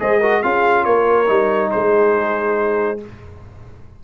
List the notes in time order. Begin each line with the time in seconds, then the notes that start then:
0.00 G#3 G#4 C5 D#5
0.21 F#4 A#4
0.43 C#4 F4 G#4 F5
0.85 A#3 A#4 C#5
1.27 G3 D#4
1.71 G#3 G#4 C5